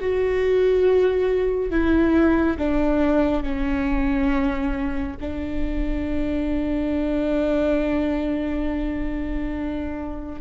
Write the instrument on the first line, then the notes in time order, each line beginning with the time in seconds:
viola
0.00 F#4
1.71 E4
2.58 D4
3.43 C#4
5.21 D4